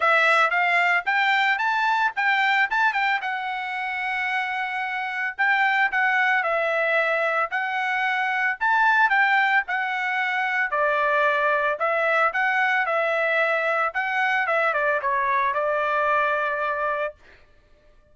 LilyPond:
\new Staff \with { instrumentName = "trumpet" } { \time 4/4 \tempo 4 = 112 e''4 f''4 g''4 a''4 | g''4 a''8 g''8 fis''2~ | fis''2 g''4 fis''4 | e''2 fis''2 |
a''4 g''4 fis''2 | d''2 e''4 fis''4 | e''2 fis''4 e''8 d''8 | cis''4 d''2. | }